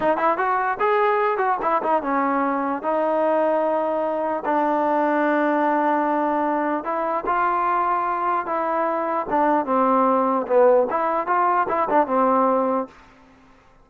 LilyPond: \new Staff \with { instrumentName = "trombone" } { \time 4/4 \tempo 4 = 149 dis'8 e'8 fis'4 gis'4. fis'8 | e'8 dis'8 cis'2 dis'4~ | dis'2. d'4~ | d'1~ |
d'4 e'4 f'2~ | f'4 e'2 d'4 | c'2 b4 e'4 | f'4 e'8 d'8 c'2 | }